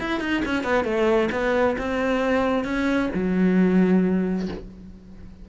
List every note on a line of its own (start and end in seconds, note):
0.00 0.20 E4
0.20 0.42 D#4
0.45 0.64 C#4
0.64 0.84 B3
0.84 1.29 A3
1.32 1.77 B3
1.78 2.65 C4
2.65 3.09 C#4
3.14 4.49 F#3